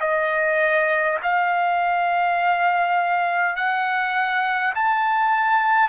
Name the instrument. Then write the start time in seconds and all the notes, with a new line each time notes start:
trumpet
0.00 D#5
1.22 F5
3.56 F#5
4.75 A5